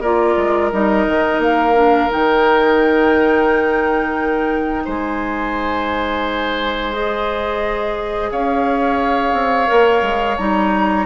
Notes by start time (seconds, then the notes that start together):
0.00 A#3 F4 A#4 D5
0.36 G#3
0.71 G3 D#4 D#5
1.07 D#3
1.38 A#3 F5
1.74 D4
2.09 D#3 D#4 G5
4.84 G#3 C5 G#5
6.92 G#4 D#5
8.31 C#4 C#5 F5
9.32 C4
9.67 A#3 A#4
10.02 G#3
10.37 G3 D#4 A#5